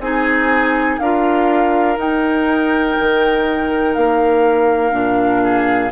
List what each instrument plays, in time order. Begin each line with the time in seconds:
0.00 bassoon C4, clarinet D#4, oboe G#4, flute G#5
0.99 bassoon D4, clarinet F4, oboe A#4, flute F5
1.97 clarinet D#4, bassoon D#4, flute G5
2.99 bassoon D#3
3.94 bassoon A#3, flute F5
4.92 bassoon A#2, clarinet D4
5.43 oboe G#4